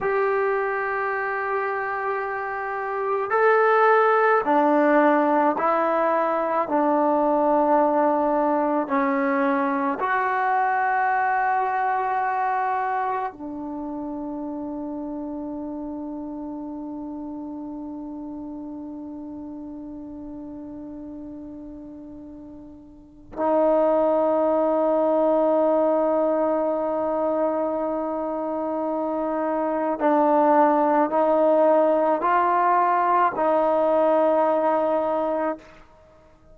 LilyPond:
\new Staff \with { instrumentName = "trombone" } { \time 4/4 \tempo 4 = 54 g'2. a'4 | d'4 e'4 d'2 | cis'4 fis'2. | d'1~ |
d'1~ | d'4 dis'2.~ | dis'2. d'4 | dis'4 f'4 dis'2 | }